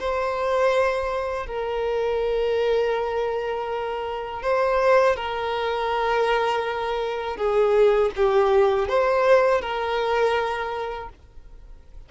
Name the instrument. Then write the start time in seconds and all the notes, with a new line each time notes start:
violin
0.00 C5
1.46 A#4
4.43 C5
5.16 A#4
7.37 G#4
8.16 G4
8.89 C5
9.62 A#4